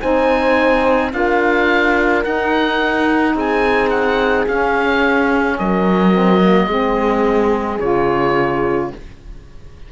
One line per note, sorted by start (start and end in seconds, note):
0.00 1.13 C4
0.00 1.11 D#4
0.00 1.12 C5
0.00 1.12 G#5
1.11 2.24 D4
1.11 2.22 F4
1.11 3.35 A#4
1.11 2.24 F5
2.24 4.47 D#4
2.24 3.34 D#4
2.24 3.35 F#5
3.34 4.45 C4
3.34 5.57 G#4
3.34 3.89 G#5
3.89 4.45 F#5
4.47 6.12 C#4
4.47 5.59 C#4
4.47 5.58 F5
5.58 6.67 F#3
5.58 6.67 A#4
5.58 7.79 D#5
6.12 6.39 C4
6.40 6.68 A#3
6.67 7.78 G#3
6.67 7.80 C4
6.67 8.89 G#4
7.79 8.91 C#3
7.79 8.91 F4
7.79 8.90 C#5